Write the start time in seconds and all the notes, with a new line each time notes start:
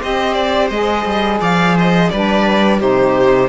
0.00 C4 G4 C5 D#5
0.33 D5
0.70 G#3 G#4 D#5
1.05 G3
1.41 F3 D5 F5
1.75 C5 D#5
2.10 G3 D4 B4 D5
2.79 C3 D#4 G4 C5